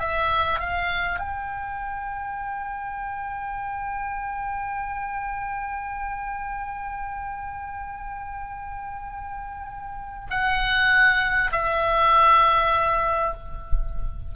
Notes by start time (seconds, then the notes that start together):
0.00 E5
0.60 F5
1.20 G5
10.31 F#5
11.52 E5